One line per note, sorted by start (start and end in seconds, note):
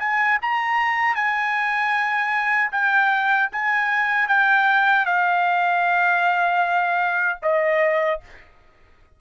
0.00 0.39 G#5
0.42 1.15 A#5
1.15 2.71 G#5
2.72 3.50 G5
3.52 4.28 G#5
4.28 5.06 G5
5.06 7.40 F5
7.43 8.21 D#5